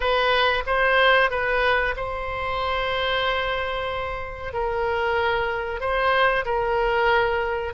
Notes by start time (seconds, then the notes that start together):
0.00 B4
0.66 C5
1.30 B4
1.96 C5
4.53 A#4
5.80 C5
6.45 A#4